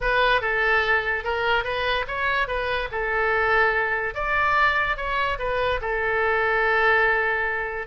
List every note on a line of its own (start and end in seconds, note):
0.01 0.41 B4
0.41 1.23 A4
1.24 1.63 A#4
1.63 2.05 B4
2.07 2.47 C#5
2.47 2.89 B4
2.91 4.14 A4
4.14 4.96 D5
4.96 5.38 C#5
5.38 5.80 B4
5.81 7.87 A4